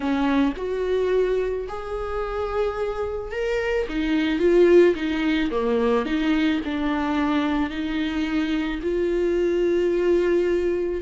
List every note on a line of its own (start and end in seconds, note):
0.00 0.53 C#4
0.57 1.67 F#4
1.68 3.31 G#4
3.31 3.86 A#4
3.88 4.39 D#4
4.39 4.94 F4
4.95 5.50 D#4
5.50 6.05 A#3
6.05 6.60 D#4
6.65 7.69 D4
7.69 8.79 D#4
8.82 11.01 F4